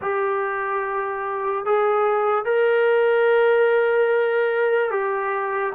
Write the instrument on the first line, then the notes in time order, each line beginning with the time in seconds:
trombone
0.01 G4
1.65 G#4
2.44 A#4
4.91 G4